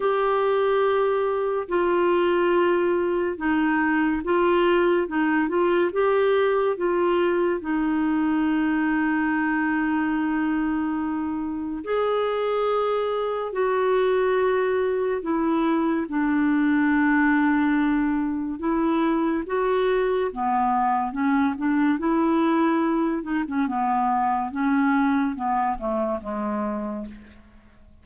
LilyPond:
\new Staff \with { instrumentName = "clarinet" } { \time 4/4 \tempo 4 = 71 g'2 f'2 | dis'4 f'4 dis'8 f'8 g'4 | f'4 dis'2.~ | dis'2 gis'2 |
fis'2 e'4 d'4~ | d'2 e'4 fis'4 | b4 cis'8 d'8 e'4. dis'16 cis'16 | b4 cis'4 b8 a8 gis4 | }